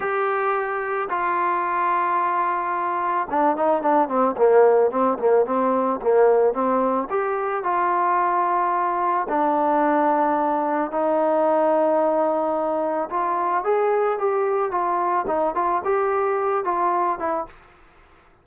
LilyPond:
\new Staff \with { instrumentName = "trombone" } { \time 4/4 \tempo 4 = 110 g'2 f'2~ | f'2 d'8 dis'8 d'8 c'8 | ais4 c'8 ais8 c'4 ais4 | c'4 g'4 f'2~ |
f'4 d'2. | dis'1 | f'4 gis'4 g'4 f'4 | dis'8 f'8 g'4. f'4 e'8 | }